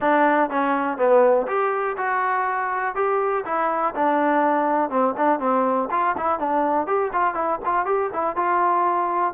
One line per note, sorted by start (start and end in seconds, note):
0.00 0.49 D4
0.49 0.97 C#4
0.97 1.46 B3
1.47 1.96 G4
1.97 2.95 F#4
2.95 3.44 G4
3.45 3.94 E4
3.95 4.89 D4
4.89 5.14 C4
5.17 5.39 D4
5.39 5.88 C4
5.90 6.15 F4
6.17 6.39 E4
6.39 6.86 D4
6.86 7.11 G4
7.12 7.34 F4
7.34 7.59 E4
7.65 7.85 F4
7.85 8.10 G4
8.13 8.36 E4
8.36 9.33 F4